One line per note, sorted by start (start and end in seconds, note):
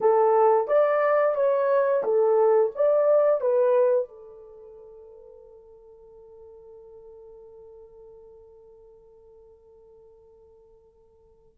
0.00 0.67 A4
0.67 1.35 D5
1.35 2.03 C#5
2.03 2.71 A4
2.75 3.40 D5
3.40 4.08 B4
4.08 11.58 A4